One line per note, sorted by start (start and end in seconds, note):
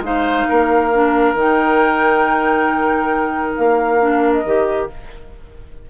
0.00 0.44 G#3
0.00 0.91 D#4
0.00 0.48 C5
0.00 1.37 F5
0.48 1.34 A#3
0.48 4.89 A#4
0.92 1.36 D4
1.34 3.55 D#3
1.34 4.00 D#4
1.34 3.56 G5
3.56 4.44 A#3
3.56 4.33 F5
4.00 4.44 D4
4.33 4.88 D#5
4.44 4.89 D#3
4.44 4.90 G4